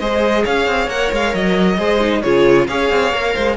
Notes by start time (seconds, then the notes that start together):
0.00 G#3 G#4 C5 D#5
0.44 C#4 C#5 F5
0.67 C4
0.88 A#3 A#4 F#5
1.13 G#3 F5
1.35 F#3 D#5
1.78 G#3 G#4 C5
2.01 D#4
2.23 C#3 F4 G#4 C#5
2.68 C#4 G#4 C#5 F5
2.91 C4
3.13 A#3 A#4
3.35 G#3 C5